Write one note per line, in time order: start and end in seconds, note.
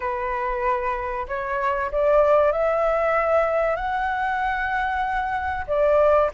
0.00 1.26 B4
1.27 1.91 C#5
1.91 2.52 D5
2.52 3.76 E5
3.76 5.65 F#5
5.67 6.30 D5